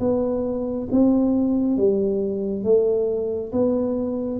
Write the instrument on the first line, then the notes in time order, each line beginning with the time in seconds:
tuba
0.00 B3
0.92 C4
1.77 G3
2.64 A3
3.53 B3